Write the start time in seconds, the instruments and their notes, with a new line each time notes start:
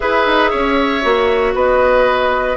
0.00 bassoon E4, clarinet G#4, oboe B4, flute E5
0.26 bassoon D#4
0.50 bassoon C#4, oboe C#5
1.02 bassoon A#3, clarinet F#4
1.53 bassoon B3, oboe B4, flute D#5